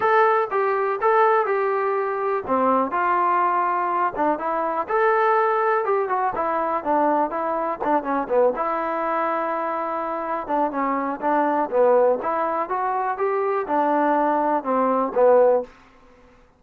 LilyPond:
\new Staff \with { instrumentName = "trombone" } { \time 4/4 \tempo 4 = 123 a'4 g'4 a'4 g'4~ | g'4 c'4 f'2~ | f'8 d'8 e'4 a'2 | g'8 fis'8 e'4 d'4 e'4 |
d'8 cis'8 b8 e'2~ e'8~ | e'4. d'8 cis'4 d'4 | b4 e'4 fis'4 g'4 | d'2 c'4 b4 | }